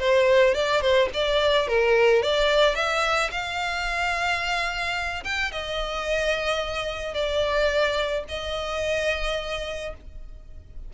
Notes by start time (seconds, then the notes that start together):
0.00 C5
0.55 D5
0.82 C5
1.14 D5
1.68 A#4
2.23 D5
2.76 E5
3.32 F5
5.24 G5
5.52 D#5
7.14 D5
8.29 D#5